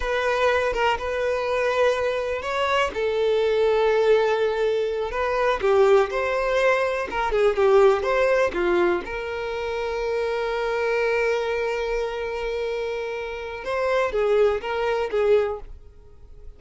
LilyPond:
\new Staff \with { instrumentName = "violin" } { \time 4/4 \tempo 4 = 123 b'4. ais'8 b'2~ | b'4 cis''4 a'2~ | a'2~ a'8 b'4 g'8~ | g'8 c''2 ais'8 gis'8 g'8~ |
g'8 c''4 f'4 ais'4.~ | ais'1~ | ais'1 | c''4 gis'4 ais'4 gis'4 | }